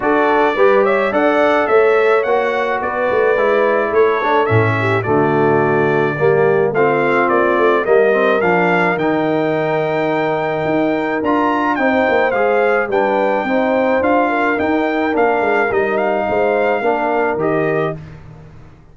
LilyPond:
<<
  \new Staff \with { instrumentName = "trumpet" } { \time 4/4 \tempo 4 = 107 d''4. e''8 fis''4 e''4 | fis''4 d''2 cis''4 | e''4 d''2. | f''4 d''4 dis''4 f''4 |
g''1 | ais''4 g''4 f''4 g''4~ | g''4 f''4 g''4 f''4 | dis''8 f''2~ f''8 dis''4 | }
  \new Staff \with { instrumentName = "horn" } { \time 4/4 a'4 b'8 cis''8 d''4 cis''4~ | cis''4 b'2 a'4~ | a'8 g'8 fis'2 g'4 | f'2 ais'2~ |
ais'1~ | ais'4 c''2 b'4 | c''4. ais'2~ ais'8~ | ais'4 c''4 ais'2 | }
  \new Staff \with { instrumentName = "trombone" } { \time 4/4 fis'4 g'4 a'2 | fis'2 e'4. d'8 | cis'4 a2 ais4 | c'2 ais8 c'8 d'4 |
dis'1 | f'4 dis'4 gis'4 d'4 | dis'4 f'4 dis'4 d'4 | dis'2 d'4 g'4 | }
  \new Staff \with { instrumentName = "tuba" } { \time 4/4 d'4 g4 d'4 a4 | ais4 b8 a8 gis4 a4 | a,4 d2 g4 | a4 ais8 a8 g4 f4 |
dis2. dis'4 | d'4 c'8 ais8 gis4 g4 | c'4 d'4 dis'4 ais8 gis8 | g4 gis4 ais4 dis4 | }
>>